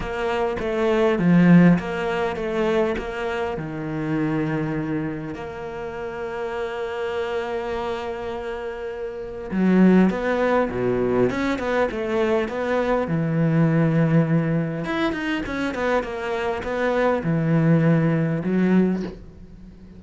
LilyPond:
\new Staff \with { instrumentName = "cello" } { \time 4/4 \tempo 4 = 101 ais4 a4 f4 ais4 | a4 ais4 dis2~ | dis4 ais2.~ | ais1 |
fis4 b4 b,4 cis'8 b8 | a4 b4 e2~ | e4 e'8 dis'8 cis'8 b8 ais4 | b4 e2 fis4 | }